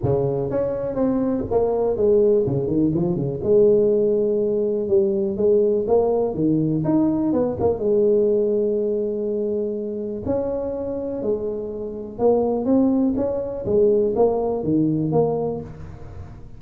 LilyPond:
\new Staff \with { instrumentName = "tuba" } { \time 4/4 \tempo 4 = 123 cis4 cis'4 c'4 ais4 | gis4 cis8 dis8 f8 cis8 gis4~ | gis2 g4 gis4 | ais4 dis4 dis'4 b8 ais8 |
gis1~ | gis4 cis'2 gis4~ | gis4 ais4 c'4 cis'4 | gis4 ais4 dis4 ais4 | }